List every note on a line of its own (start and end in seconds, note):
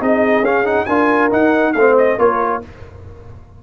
0.00 0.41 C4
0.00 0.43 D#4
0.00 0.86 G#4
0.00 0.45 D#5
0.41 0.84 C#4
0.41 0.64 C#4
0.41 0.66 F5
0.64 0.86 D#4
0.64 0.85 F#5
0.85 1.32 D4
0.85 1.31 F4
0.85 1.73 A#4
0.85 1.29 G#5
1.31 1.74 D#4
1.31 1.73 F#5
1.73 2.18 A3
1.73 2.18 C4
1.73 2.18 C5
1.73 1.95 F5
1.97 2.19 D#5
2.18 2.62 A#3
2.18 2.62 F4
2.18 2.62 A#4
2.18 2.63 C#5